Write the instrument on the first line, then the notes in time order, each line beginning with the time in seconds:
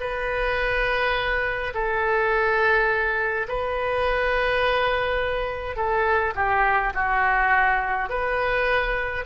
oboe
0.00 B4
1.74 A4
3.48 B4
5.76 A4
6.35 G4
6.94 F#4
8.09 B4